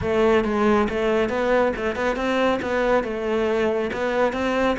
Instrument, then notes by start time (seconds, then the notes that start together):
cello
0.01 A3
0.44 G#3
0.89 A3
1.29 B3
1.76 A3
1.95 B3
2.16 C4
2.62 B3
3.03 A3
3.92 B3
4.33 C4